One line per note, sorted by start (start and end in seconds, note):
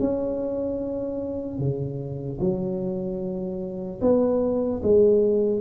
0.00 1.59 C#4
1.59 2.39 C#3
2.41 4.01 F#3
4.01 4.81 B3
4.83 5.61 G#3